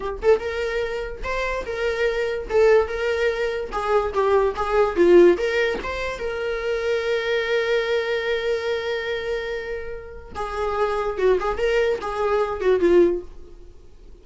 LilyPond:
\new Staff \with { instrumentName = "viola" } { \time 4/4 \tempo 4 = 145 g'8 a'8 ais'2 c''4 | ais'2 a'4 ais'4~ | ais'4 gis'4 g'4 gis'4 | f'4 ais'4 c''4 ais'4~ |
ais'1~ | ais'1~ | ais'4 gis'2 fis'8 gis'8 | ais'4 gis'4. fis'8 f'4 | }